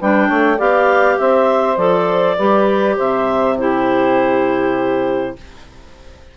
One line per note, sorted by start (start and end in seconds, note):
0.00 0.30 G3
0.00 0.58 D4
0.00 0.27 B4
0.00 0.60 G5
0.27 0.59 A3
0.27 0.57 C#5
0.57 1.19 B3
0.57 1.77 G4
0.57 1.16 D5
0.57 1.19 F5
1.19 1.77 C4
1.19 2.37 C5
1.19 1.77 E5
1.77 2.37 F3
1.77 2.37 A4
1.77 2.96 D5
2.37 2.99 G3
2.37 3.58 G4
2.37 2.96 B4
2.97 5.36 C3
2.97 3.56 C5
2.97 3.59 E5
3.58 5.37 E4
3.58 5.36 G4
3.58 5.37 C5